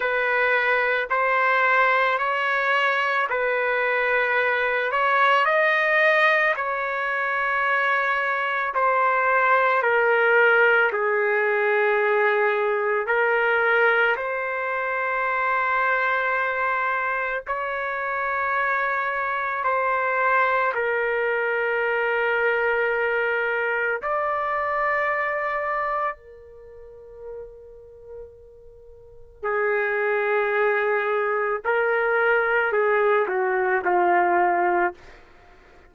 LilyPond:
\new Staff \with { instrumentName = "trumpet" } { \time 4/4 \tempo 4 = 55 b'4 c''4 cis''4 b'4~ | b'8 cis''8 dis''4 cis''2 | c''4 ais'4 gis'2 | ais'4 c''2. |
cis''2 c''4 ais'4~ | ais'2 d''2 | ais'2. gis'4~ | gis'4 ais'4 gis'8 fis'8 f'4 | }